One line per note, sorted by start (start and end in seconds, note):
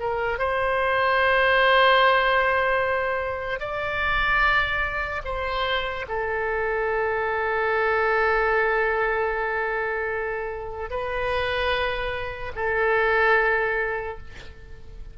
0.00 0.39 A#4
0.39 3.60 C5
3.60 5.22 D5
5.24 6.06 C5
6.08 10.90 A4
10.90 12.52 B4
12.56 14.18 A4